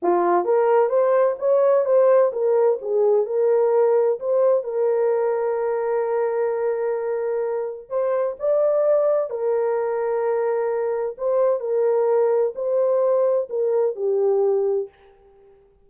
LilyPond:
\new Staff \with { instrumentName = "horn" } { \time 4/4 \tempo 4 = 129 f'4 ais'4 c''4 cis''4 | c''4 ais'4 gis'4 ais'4~ | ais'4 c''4 ais'2~ | ais'1~ |
ais'4 c''4 d''2 | ais'1 | c''4 ais'2 c''4~ | c''4 ais'4 g'2 | }